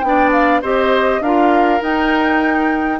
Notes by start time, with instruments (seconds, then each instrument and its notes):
0.00 bassoon B3, clarinet D4, flute G5
0.08 oboe D5
0.32 flute F5
0.61 bassoon C4, clarinet G4, oboe C5, flute D#5
1.20 bassoon D4, clarinet F4, oboe A#4, flute F5
1.80 clarinet D#4, bassoon D#4, flute G5